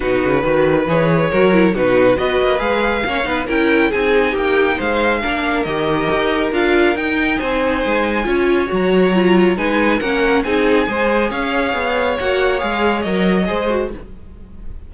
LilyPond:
<<
  \new Staff \with { instrumentName = "violin" } { \time 4/4 \tempo 4 = 138 b'2 cis''2 | b'4 dis''4 f''2 | g''4 gis''4 g''4 f''4~ | f''4 dis''2 f''4 |
g''4 gis''2. | ais''2 gis''4 fis''4 | gis''2 f''2 | fis''4 f''4 dis''2 | }
  \new Staff \with { instrumentName = "violin" } { \time 4/4 fis'4 b'2 ais'4 | fis'4 b'2 cis''8 b'8 | ais'4 gis'4 g'4 c''4 | ais'1~ |
ais'4 c''2 cis''4~ | cis''2 b'4 ais'4 | gis'4 c''4 cis''2~ | cis''2. c''4 | }
  \new Staff \with { instrumentName = "viola" } { \time 4/4 dis'4 fis'4 gis'4 fis'8 e'8 | dis'4 fis'4 gis'4 cis'8 dis'8 | e'4 dis'2. | d'4 g'2 f'4 |
dis'2. f'4 | fis'4 f'4 dis'4 cis'4 | dis'4 gis'2. | fis'4 gis'4 ais'4 gis'8 fis'8 | }
  \new Staff \with { instrumentName = "cello" } { \time 4/4 b,8 cis8 dis4 e4 fis4 | b,4 b8 ais8 gis4 ais8 b8 | cis'4 c'4 ais4 gis4 | ais4 dis4 dis'4 d'4 |
dis'4 c'4 gis4 cis'4 | fis2 gis4 ais4 | c'4 gis4 cis'4 b4 | ais4 gis4 fis4 gis4 | }
>>